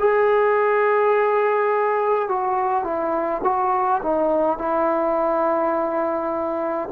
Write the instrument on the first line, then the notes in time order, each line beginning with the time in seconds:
trombone
0.00 G#4
2.29 F#4
2.84 E4
3.44 F#4
4.03 D#4
4.59 E4